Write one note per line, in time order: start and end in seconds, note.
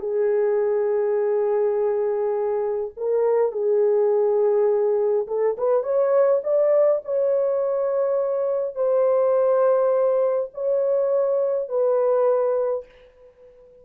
0.00 2.91 G#4
2.97 3.52 A#4
3.52 5.27 G#4
5.27 5.56 A4
5.58 5.83 B4
5.83 6.41 C#5
6.43 7.02 D5
7.05 8.75 C#5
8.75 10.50 C5
10.54 11.69 C#5
11.69 12.85 B4